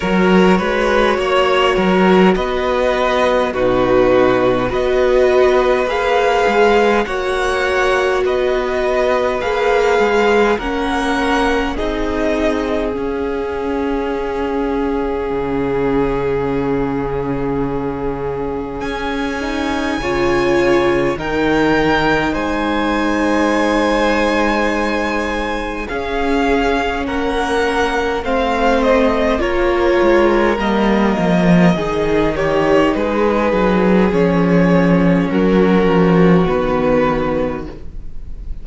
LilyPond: <<
  \new Staff \with { instrumentName = "violin" } { \time 4/4 \tempo 4 = 51 cis''2 dis''4 b'4 | dis''4 f''4 fis''4 dis''4 | f''4 fis''4 dis''4 f''4~ | f''1 |
gis''2 g''4 gis''4~ | gis''2 f''4 fis''4 | f''8 dis''8 cis''4 dis''4. cis''8 | b'4 cis''4 ais'4 b'4 | }
  \new Staff \with { instrumentName = "violin" } { \time 4/4 ais'8 b'8 cis''8 ais'8 b'4 fis'4 | b'2 cis''4 b'4~ | b'4 ais'4 gis'2~ | gis'1~ |
gis'4 cis''4 ais'4 c''4~ | c''2 gis'4 ais'4 | c''4 ais'2 gis'8 g'8 | gis'2 fis'2 | }
  \new Staff \with { instrumentName = "viola" } { \time 4/4 fis'2. dis'4 | fis'4 gis'4 fis'2 | gis'4 cis'4 dis'4 cis'4~ | cis'1~ |
cis'8 dis'8 f'4 dis'2~ | dis'2 cis'2 | c'4 f'4 ais4 dis'4~ | dis'4 cis'2 b4 | }
  \new Staff \with { instrumentName = "cello" } { \time 4/4 fis8 gis8 ais8 fis8 b4 b,4 | b4 ais8 gis8 ais4 b4 | ais8 gis8 ais4 c'4 cis'4~ | cis'4 cis2. |
cis'4 cis4 dis4 gis4~ | gis2 cis'4 ais4 | a4 ais8 gis8 g8 f8 dis4 | gis8 fis8 f4 fis8 f8 dis4 | }
>>